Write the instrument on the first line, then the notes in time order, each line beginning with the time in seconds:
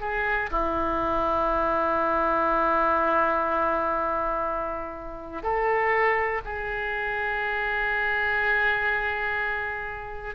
oboe
0.00 G#4
0.51 E4
5.43 A4
6.44 G#4